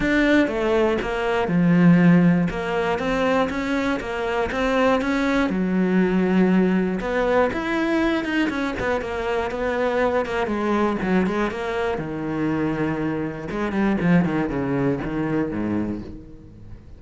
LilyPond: \new Staff \with { instrumentName = "cello" } { \time 4/4 \tempo 4 = 120 d'4 a4 ais4 f4~ | f4 ais4 c'4 cis'4 | ais4 c'4 cis'4 fis4~ | fis2 b4 e'4~ |
e'8 dis'8 cis'8 b8 ais4 b4~ | b8 ais8 gis4 fis8 gis8 ais4 | dis2. gis8 g8 | f8 dis8 cis4 dis4 gis,4 | }